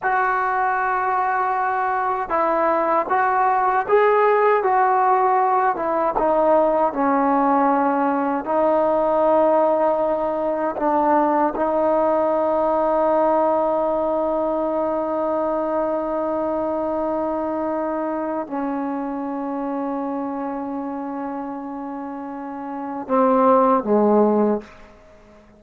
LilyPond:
\new Staff \with { instrumentName = "trombone" } { \time 4/4 \tempo 4 = 78 fis'2. e'4 | fis'4 gis'4 fis'4. e'8 | dis'4 cis'2 dis'4~ | dis'2 d'4 dis'4~ |
dis'1~ | dis'1 | cis'1~ | cis'2 c'4 gis4 | }